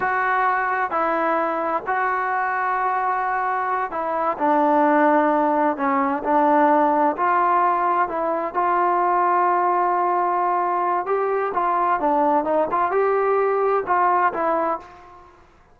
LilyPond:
\new Staff \with { instrumentName = "trombone" } { \time 4/4 \tempo 4 = 130 fis'2 e'2 | fis'1~ | fis'8 e'4 d'2~ d'8~ | d'8 cis'4 d'2 f'8~ |
f'4. e'4 f'4.~ | f'1 | g'4 f'4 d'4 dis'8 f'8 | g'2 f'4 e'4 | }